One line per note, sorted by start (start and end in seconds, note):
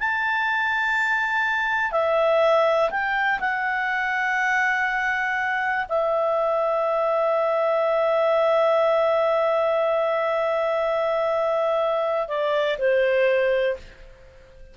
0.00 1.92 A5
1.92 2.91 E5
2.91 3.40 G5
3.41 5.87 F#5
5.89 12.29 E5
12.29 12.78 D5
12.79 13.77 C5